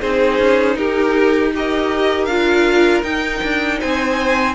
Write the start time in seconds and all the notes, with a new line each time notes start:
0.00 C4 D#4 G#4 C5
0.39 C#4
0.75 D#4 G4 A#4
1.54 G4 A#4 D#5
2.25 D4 F4 F5
3.03 D#4 G5
3.43 D4
3.80 C4 C5 G#5